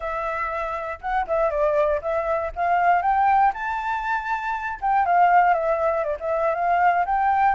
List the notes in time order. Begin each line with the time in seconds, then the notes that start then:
0.00 E5
1.01 F#5
1.27 E5
1.50 D5
2.01 E5
2.55 F5
3.02 G5
3.53 A5
4.81 G5
5.05 F5
5.53 E5
6.04 D5
6.20 E5
6.55 F5
7.05 G5